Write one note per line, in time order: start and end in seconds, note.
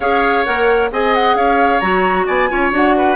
0.00 0.45 C#4
0.00 0.45 G#4
0.00 0.90 C#5
0.00 0.44 F5
0.44 0.91 A#3
0.44 0.90 A#4
0.44 0.90 F#5
0.91 1.35 C4
0.91 1.81 G#4
0.91 1.36 D#5
0.91 1.14 G#5
1.14 1.36 F#5
1.35 1.80 C#4
1.35 2.26 C#5
1.35 1.80 F5
1.80 2.27 F#3
1.80 2.49 F#4
1.80 2.25 A#5
2.26 2.50 B3
2.26 2.49 D5
2.26 2.72 G#5
2.49 2.72 C#4
2.49 2.72 F4
2.49 2.96 C#5
2.72 3.16 D4
2.72 3.16 F#4
2.72 3.16 F#5
2.96 3.16 B4